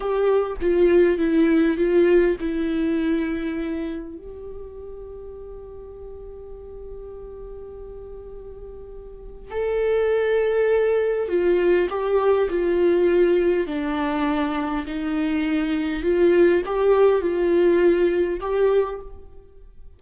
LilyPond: \new Staff \with { instrumentName = "viola" } { \time 4/4 \tempo 4 = 101 g'4 f'4 e'4 f'4 | e'2. g'4~ | g'1~ | g'1 |
a'2. f'4 | g'4 f'2 d'4~ | d'4 dis'2 f'4 | g'4 f'2 g'4 | }